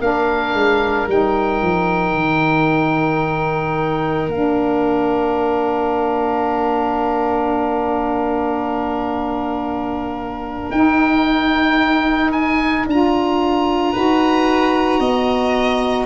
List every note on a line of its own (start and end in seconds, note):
0.00 0.53 A#3
0.00 1.08 D4
0.00 13.93 A#4
0.00 1.08 F5
0.53 1.07 G#3
1.08 1.62 G3
1.08 4.30 D#4
1.08 4.31 G5
1.62 2.13 F3
2.13 4.27 D#3
4.27 10.70 A#3
4.27 10.73 D4
4.27 10.71 F5
10.71 12.85 D#4
10.71 12.87 D#4
10.71 12.31 G5
12.32 12.85 G#5
12.86 13.94 D4
12.86 13.94 F4
12.86 16.06 A#5
13.93 14.99 D#4
13.93 16.06 F#4
13.93 15.00 B4
14.99 16.06 B3
14.99 16.06 D#5